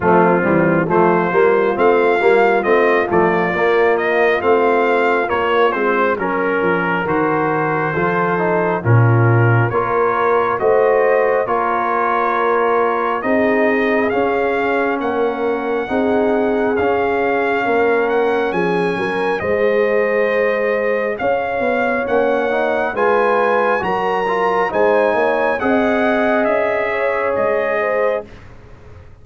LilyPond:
<<
  \new Staff \with { instrumentName = "trumpet" } { \time 4/4 \tempo 4 = 68 f'4 c''4 f''4 dis''8 d''8~ | d''8 dis''8 f''4 cis''8 c''8 ais'4 | c''2 ais'4 cis''4 | dis''4 cis''2 dis''4 |
f''4 fis''2 f''4~ | f''8 fis''8 gis''4 dis''2 | f''4 fis''4 gis''4 ais''4 | gis''4 fis''4 e''4 dis''4 | }
  \new Staff \with { instrumentName = "horn" } { \time 4/4 c'4 f'2.~ | f'2. ais'4~ | ais'4 a'4 f'4 ais'4 | c''4 ais'2 gis'4~ |
gis'4 ais'4 gis'2 | ais'4 gis'8 ais'8 c''2 | cis''2 b'4 ais'4 | c''8 cis''8 dis''4. cis''4 c''8 | }
  \new Staff \with { instrumentName = "trombone" } { \time 4/4 a8 g8 a8 ais8 c'8 ais8 c'8 a8 | ais4 c'4 ais8 c'8 cis'4 | fis'4 f'8 dis'8 cis'4 f'4 | fis'4 f'2 dis'4 |
cis'2 dis'4 cis'4~ | cis'2 gis'2~ | gis'4 cis'8 dis'8 f'4 fis'8 f'8 | dis'4 gis'2. | }
  \new Staff \with { instrumentName = "tuba" } { \time 4/4 f8 e8 f8 g8 a8 g8 a8 f8 | ais4 a4 ais8 gis8 fis8 f8 | dis4 f4 ais,4 ais4 | a4 ais2 c'4 |
cis'4 ais4 c'4 cis'4 | ais4 f8 fis8 gis2 | cis'8 b8 ais4 gis4 fis4 | gis8 ais8 c'4 cis'4 gis4 | }
>>